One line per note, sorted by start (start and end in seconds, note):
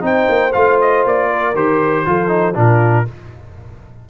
0.00 0.27 C4
0.00 0.50 D#4
0.00 1.29 C5
0.00 0.52 G5
0.28 0.54 A#3
0.52 1.05 A3
0.52 1.54 F4
0.52 0.78 F5
0.81 1.06 D#5
1.05 1.55 A#3
1.05 1.55 D5
1.29 2.05 A#4
1.55 2.05 D#3
1.55 2.05 G4
1.55 2.56 C5
2.05 2.56 F3
2.05 2.28 F4
2.05 2.57 A4
2.28 2.53 D#4
2.54 3.06 A#2
2.54 3.05 D4
2.54 3.07 F4
2.54 3.09 A#4